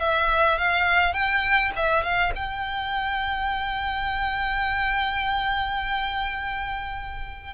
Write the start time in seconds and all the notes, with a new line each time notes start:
0.00 E5
0.58 F5
1.13 G5
1.76 E5
2.04 F5
2.35 G5